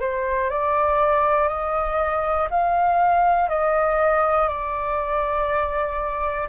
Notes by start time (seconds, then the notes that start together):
0.00 C5
0.49 D5
1.48 D#5
2.50 F5
3.49 D#5
4.48 D5